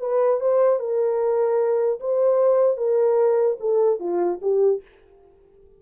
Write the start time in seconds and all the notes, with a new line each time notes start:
0.00 B4
0.40 C5
0.79 A#4
1.99 C5
2.77 A#4
3.59 A4
3.99 F4
4.41 G4